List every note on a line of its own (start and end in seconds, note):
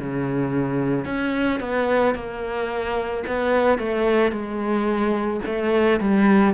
0.00 1.06 C#3
1.06 1.60 C#4
1.60 2.15 B3
2.15 3.24 A#3
3.27 3.78 B3
3.78 4.32 A3
4.32 5.41 G#3
5.46 6.00 A3
6.00 6.55 G3